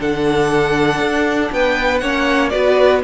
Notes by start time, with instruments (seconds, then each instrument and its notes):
0.00 cello D3, viola D4, violin A4 F#5
1.00 cello D4
1.53 cello B3, violin B4 G5
1.99 cello A#3, viola C#4, violin C#5 F#5
2.50 cello B3, viola F#4, violin B4 D5